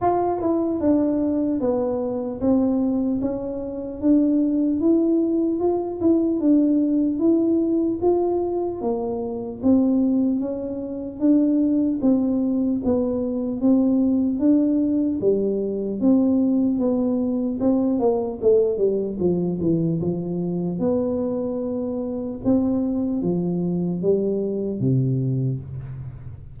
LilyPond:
\new Staff \with { instrumentName = "tuba" } { \time 4/4 \tempo 4 = 75 f'8 e'8 d'4 b4 c'4 | cis'4 d'4 e'4 f'8 e'8 | d'4 e'4 f'4 ais4 | c'4 cis'4 d'4 c'4 |
b4 c'4 d'4 g4 | c'4 b4 c'8 ais8 a8 g8 | f8 e8 f4 b2 | c'4 f4 g4 c4 | }